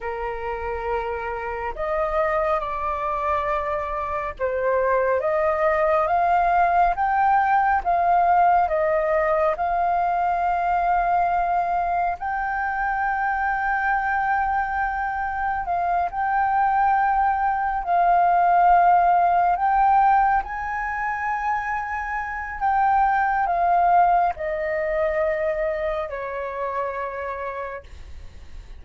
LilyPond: \new Staff \with { instrumentName = "flute" } { \time 4/4 \tempo 4 = 69 ais'2 dis''4 d''4~ | d''4 c''4 dis''4 f''4 | g''4 f''4 dis''4 f''4~ | f''2 g''2~ |
g''2 f''8 g''4.~ | g''8 f''2 g''4 gis''8~ | gis''2 g''4 f''4 | dis''2 cis''2 | }